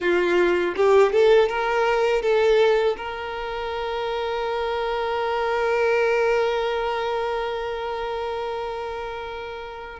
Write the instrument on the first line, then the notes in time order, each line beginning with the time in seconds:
violin
0.00 F4
0.76 G4
1.12 A4
1.48 A#4
2.22 A4
2.97 A#4